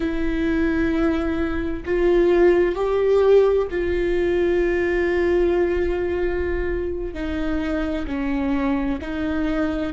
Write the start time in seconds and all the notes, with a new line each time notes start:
0.00 E4
1.85 F4
2.75 G4
3.70 F4
7.13 D#4
8.06 C#4
9.01 D#4